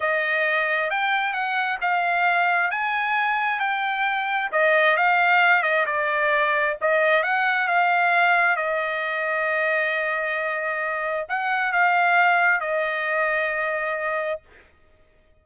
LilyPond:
\new Staff \with { instrumentName = "trumpet" } { \time 4/4 \tempo 4 = 133 dis''2 g''4 fis''4 | f''2 gis''2 | g''2 dis''4 f''4~ | f''8 dis''8 d''2 dis''4 |
fis''4 f''2 dis''4~ | dis''1~ | dis''4 fis''4 f''2 | dis''1 | }